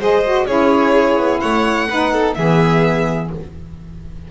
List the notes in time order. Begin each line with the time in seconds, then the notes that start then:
0.00 G#3 G#4 C5 D#5
0.25 F#4
0.46 C#4 E4 G#4 C#5
1.17 B3
1.40 A3 C#5 F#5
1.90 B3 D#4 B4
2.13 A4
2.35 E3 B3 G#4 E5